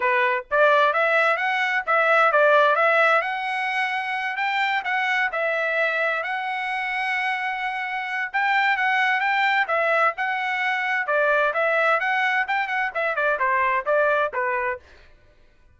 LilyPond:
\new Staff \with { instrumentName = "trumpet" } { \time 4/4 \tempo 4 = 130 b'4 d''4 e''4 fis''4 | e''4 d''4 e''4 fis''4~ | fis''4. g''4 fis''4 e''8~ | e''4. fis''2~ fis''8~ |
fis''2 g''4 fis''4 | g''4 e''4 fis''2 | d''4 e''4 fis''4 g''8 fis''8 | e''8 d''8 c''4 d''4 b'4 | }